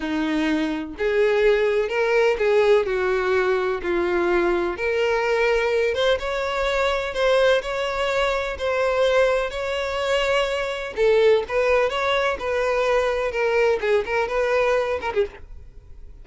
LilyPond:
\new Staff \with { instrumentName = "violin" } { \time 4/4 \tempo 4 = 126 dis'2 gis'2 | ais'4 gis'4 fis'2 | f'2 ais'2~ | ais'8 c''8 cis''2 c''4 |
cis''2 c''2 | cis''2. a'4 | b'4 cis''4 b'2 | ais'4 gis'8 ais'8 b'4. ais'16 gis'16 | }